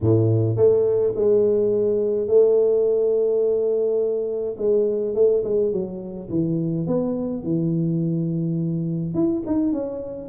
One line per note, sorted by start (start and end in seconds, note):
0.01 0.56 A2
0.56 1.13 A3
1.15 2.27 G#3
2.27 4.56 A3
4.57 5.14 G#3
5.15 5.43 A3
5.44 5.71 G#3
5.71 6.29 F#3
6.29 6.86 E3
6.86 7.43 B3
7.43 9.14 E3
9.14 9.43 E4
9.46 9.72 D#4
9.72 10.28 C#4